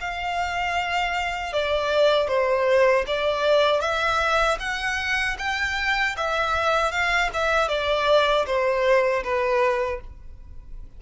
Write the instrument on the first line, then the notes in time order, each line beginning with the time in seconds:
violin
0.00 F5
1.52 D5
2.28 C5
3.07 D5
3.80 E5
4.59 F#5
5.38 G5
6.16 E5
6.91 F5
7.33 E5
7.68 D5
8.46 C5
9.23 B4